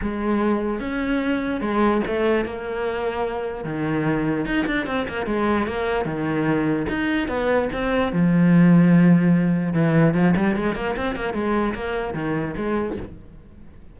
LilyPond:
\new Staff \with { instrumentName = "cello" } { \time 4/4 \tempo 4 = 148 gis2 cis'2 | gis4 a4 ais2~ | ais4 dis2 dis'8 d'8 | c'8 ais8 gis4 ais4 dis4~ |
dis4 dis'4 b4 c'4 | f1 | e4 f8 g8 gis8 ais8 c'8 ais8 | gis4 ais4 dis4 gis4 | }